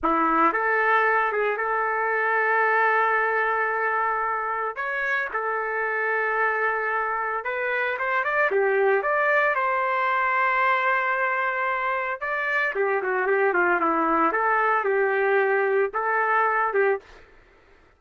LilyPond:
\new Staff \with { instrumentName = "trumpet" } { \time 4/4 \tempo 4 = 113 e'4 a'4. gis'8 a'4~ | a'1~ | a'4 cis''4 a'2~ | a'2 b'4 c''8 d''8 |
g'4 d''4 c''2~ | c''2. d''4 | g'8 fis'8 g'8 f'8 e'4 a'4 | g'2 a'4. g'8 | }